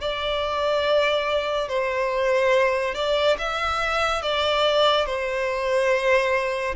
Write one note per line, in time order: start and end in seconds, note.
0.00 1.68 D5
1.68 2.94 C5
2.94 3.36 D5
3.38 4.22 E5
4.22 5.06 D5
5.06 6.75 C5